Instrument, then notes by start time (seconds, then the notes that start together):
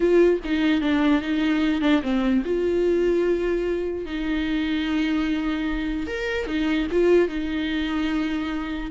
viola
0.00 F4
0.44 D#4
0.81 D4
1.21 D#4
1.81 D4
2.02 C4
2.45 F4
4.05 D#4
6.07 A#4
6.46 D#4
6.91 F4
7.28 D#4